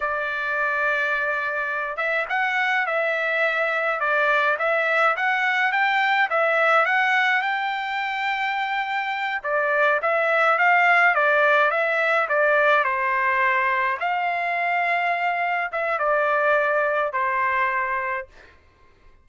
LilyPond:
\new Staff \with { instrumentName = "trumpet" } { \time 4/4 \tempo 4 = 105 d''2.~ d''8 e''8 | fis''4 e''2 d''4 | e''4 fis''4 g''4 e''4 | fis''4 g''2.~ |
g''8 d''4 e''4 f''4 d''8~ | d''8 e''4 d''4 c''4.~ | c''8 f''2. e''8 | d''2 c''2 | }